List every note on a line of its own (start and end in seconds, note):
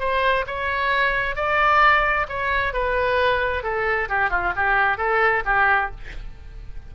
0.00 0.45 C5
0.47 1.36 C#5
1.36 2.27 D5
2.29 2.74 C#5
2.74 3.63 B4
3.63 4.09 A4
4.09 4.30 G4
4.30 4.53 F4
4.56 4.98 G4
4.98 5.44 A4
5.46 5.91 G4